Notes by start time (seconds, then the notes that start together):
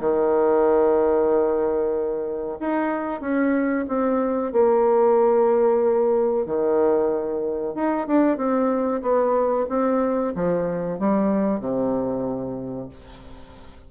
0.00 D#3
2.60 D#4
3.21 C#4
3.88 C4
4.52 A#3
6.46 D#3
7.75 D#4
8.07 D4
8.37 C4
9.02 B3
9.69 C4
10.35 F3
10.99 G3
11.60 C3